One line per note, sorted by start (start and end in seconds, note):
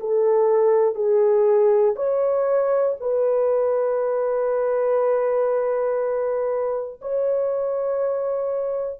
0.00 0.95 A4
0.95 1.95 G#4
1.95 2.95 C#5
3.00 7.00 B4
7.01 9.00 C#5